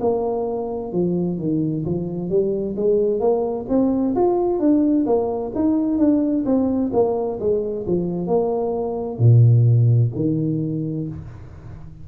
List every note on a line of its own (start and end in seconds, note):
0.00 0.92 A#3
0.92 1.38 F3
1.38 1.84 D#3
1.85 2.29 F3
2.29 2.75 G3
2.76 3.19 G#3
3.19 3.65 A#3
3.68 4.15 C4
4.15 4.59 F4
4.59 5.05 D4
5.06 5.52 A#3
5.55 5.98 D#4
5.98 6.44 D4
6.45 6.91 C4
6.92 7.38 A#3
7.39 7.85 G#3
7.87 8.27 F3
8.27 9.18 A#3
9.18 10.11 A#2
10.15 11.07 D#3